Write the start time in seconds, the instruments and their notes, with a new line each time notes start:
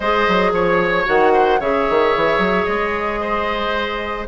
0.00 bassoon G#3, clarinet G#4, oboe C5, flute D#5
0.27 bassoon F#3
0.52 bassoon F3, oboe C#5, flute C#5
1.05 bassoon D#3, clarinet F#4, flute F#5
1.33 oboe C5
1.59 bassoon C#3, clarinet G#4, oboe C#5, flute E5
1.89 bassoon D#3
2.16 bassoon E3
2.38 bassoon F#3
2.65 bassoon G#3, flute D#5
3.20 oboe C5